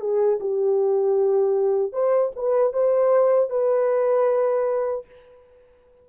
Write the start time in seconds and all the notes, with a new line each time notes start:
0.00 G#4
0.40 G4
1.93 C5
2.36 B4
2.73 C5
3.50 B4